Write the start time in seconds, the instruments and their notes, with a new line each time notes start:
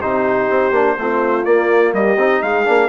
0.00 bassoon C3, trombone D#4, horn G4, trumpet C5
0.49 bassoon C4
0.70 bassoon A#3, trombone D4
0.98 bassoon A3, trombone C4, horn F4
1.44 trombone A#3, bassoon A#3, trumpet D5
1.93 bassoon G3, horn G4, trumpet D#5
2.16 bassoon C4, trombone D#4
2.42 bassoon G#3, horn G#4, trumpet F5
2.65 bassoon A#3, trombone D4